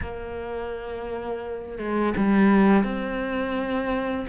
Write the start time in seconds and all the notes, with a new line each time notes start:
0.01 A#3
1.78 G#3
2.16 G3
2.83 C4